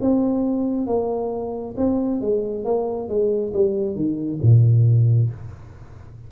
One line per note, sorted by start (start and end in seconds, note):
0.00 0.86 C4
0.86 1.74 A#3
1.77 2.21 C4
2.21 2.64 G#3
2.64 3.08 A#3
3.08 3.52 G#3
3.53 3.95 G3
3.95 4.39 D#3
4.42 5.30 A#2